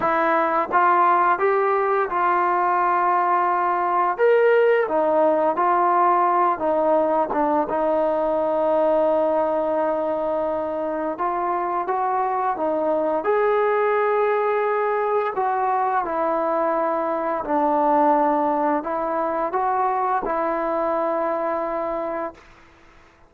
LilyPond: \new Staff \with { instrumentName = "trombone" } { \time 4/4 \tempo 4 = 86 e'4 f'4 g'4 f'4~ | f'2 ais'4 dis'4 | f'4. dis'4 d'8 dis'4~ | dis'1 |
f'4 fis'4 dis'4 gis'4~ | gis'2 fis'4 e'4~ | e'4 d'2 e'4 | fis'4 e'2. | }